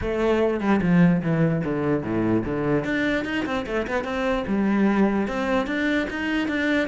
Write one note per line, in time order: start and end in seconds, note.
0.01 0.60 A3
0.60 0.80 G3
0.81 1.22 F3
1.22 1.63 E3
1.64 2.03 D3
2.03 2.43 A2
2.44 2.84 D3
2.84 3.25 D4
3.25 3.45 D#4
3.45 3.65 C4
3.66 3.86 A3
3.87 4.04 B3
4.04 4.44 C4
4.47 5.27 G3
5.27 5.66 C4
5.66 6.07 D4
6.10 6.48 D#4
6.48 6.87 D4